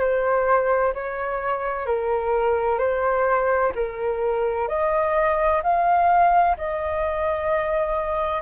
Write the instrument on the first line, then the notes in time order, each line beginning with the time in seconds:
flute
0.00 C5
0.94 C#5
1.87 A#4
2.79 C5
3.75 A#4
4.69 D#5
5.63 F5
6.58 D#5